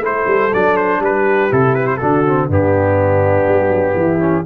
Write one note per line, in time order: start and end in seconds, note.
0.00 0.25 A3
0.00 0.51 E4
0.00 1.00 A4
0.00 0.54 C5
0.27 0.51 G3
0.54 0.99 F#3
0.54 1.50 D4
0.54 0.77 D5
0.77 1.01 C5
0.99 1.48 G3
0.99 1.99 G4
0.99 1.53 B4
1.50 2.01 C3
1.50 1.99 E4
1.50 1.74 A4
1.74 1.86 B4
1.86 1.97 C5
1.97 2.49 D3
1.97 2.25 D4
1.97 2.48 F#4
1.97 2.46 A4
2.26 2.50 C4
2.48 3.47 G2
2.48 4.19 B3
2.48 3.95 D4
2.48 4.45 G4
3.48 3.68 G3
3.68 3.93 F#3
3.94 4.43 E3
3.94 4.44 E4
4.19 4.44 C#4